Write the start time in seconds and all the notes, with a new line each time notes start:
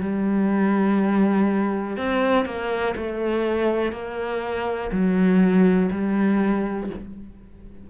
0.00 G3
1.97 C4
2.45 A#3
2.96 A3
3.92 A#3
4.91 F#3
5.91 G3